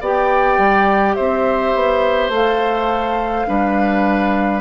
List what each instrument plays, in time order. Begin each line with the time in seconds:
0.00 bassoon B3, clarinet G4, oboe D5, flute G5
0.57 bassoon G3
1.14 bassoon C4, oboe C5, flute E5
1.75 bassoon B3
2.29 bassoon A3, clarinet A4, flute F5
3.47 bassoon G3, clarinet D4, oboe B4